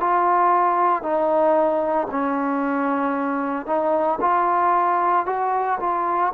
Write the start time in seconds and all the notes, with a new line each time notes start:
0.00 F4
1.02 D#4
2.11 C#4
3.66 D#4
4.21 F4
5.26 F#4
5.80 F4